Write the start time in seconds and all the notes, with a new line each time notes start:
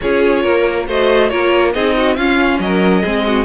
0.01 C#4 F4 G#4 C#5
0.42 A#3 A#4
0.87 A3 F#4 C5 D#5
1.28 A#3 F4 A#4 C#5
1.73 C4 D#4 G#4 D#5
1.96 F#4
2.15 C#4 F4 F5
2.59 F#3 A#4 D#5
3.02 G#3 C4 G#4
3.26 F#4